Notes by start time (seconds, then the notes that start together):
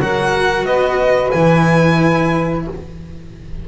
0.00 F#3 F#4 A#4 F#5
0.65 B3 B4 D#5
1.31 E3 E4 G#5